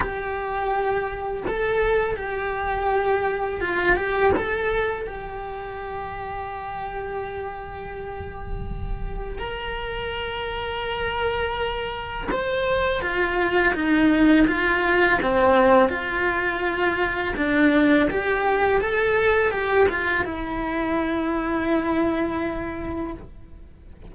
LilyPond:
\new Staff \with { instrumentName = "cello" } { \time 4/4 \tempo 4 = 83 g'2 a'4 g'4~ | g'4 f'8 g'8 a'4 g'4~ | g'1~ | g'4 ais'2.~ |
ais'4 c''4 f'4 dis'4 | f'4 c'4 f'2 | d'4 g'4 a'4 g'8 f'8 | e'1 | }